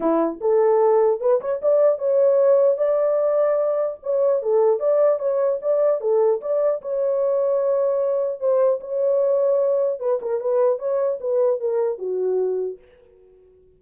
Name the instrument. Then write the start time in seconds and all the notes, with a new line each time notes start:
horn
0.00 E4
0.40 A4
1.20 B4
1.40 C#5
1.62 D5
1.98 C#5
2.77 D5
4.02 C#5
4.42 A4
4.79 D5
5.19 C#5
5.61 D5
6.00 A4
6.41 D5
6.81 C#5
8.39 C5
8.80 C#5
9.99 B4
10.21 A#4
10.40 B4
10.78 C#5
11.20 B4
11.60 A#4
11.98 F#4